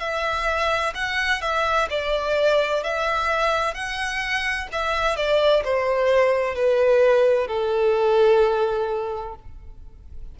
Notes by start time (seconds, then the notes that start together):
0.00 E5
0.95 F#5
1.41 E5
1.90 D5
2.83 E5
3.74 F#5
4.73 E5
5.16 D5
5.65 C5
6.55 B4
7.47 A4